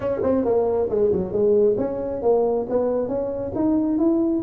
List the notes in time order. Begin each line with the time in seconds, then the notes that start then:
0.00 C#4
0.22 C4
0.44 A#3
0.89 G#3
1.11 F#3
1.32 G#3
1.77 C#4
2.22 A#3
2.69 B3
3.08 C#4
3.55 D#4
3.98 E4